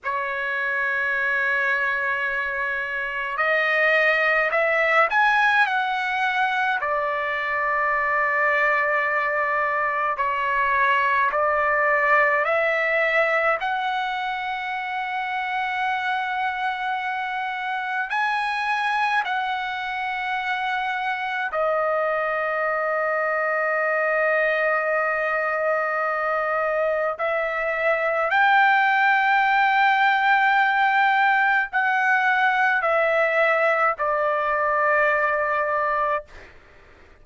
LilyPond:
\new Staff \with { instrumentName = "trumpet" } { \time 4/4 \tempo 4 = 53 cis''2. dis''4 | e''8 gis''8 fis''4 d''2~ | d''4 cis''4 d''4 e''4 | fis''1 |
gis''4 fis''2 dis''4~ | dis''1 | e''4 g''2. | fis''4 e''4 d''2 | }